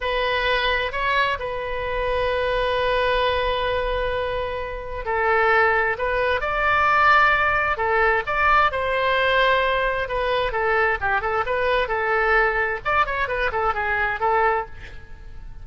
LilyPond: \new Staff \with { instrumentName = "oboe" } { \time 4/4 \tempo 4 = 131 b'2 cis''4 b'4~ | b'1~ | b'2. a'4~ | a'4 b'4 d''2~ |
d''4 a'4 d''4 c''4~ | c''2 b'4 a'4 | g'8 a'8 b'4 a'2 | d''8 cis''8 b'8 a'8 gis'4 a'4 | }